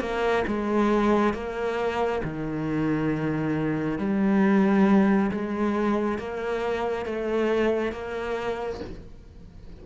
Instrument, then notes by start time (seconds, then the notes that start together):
cello
0.00 A#3
0.47 G#3
1.34 A#3
2.23 D#3
3.98 G3
5.31 G#3
6.18 A#3
7.05 A3
7.92 A#3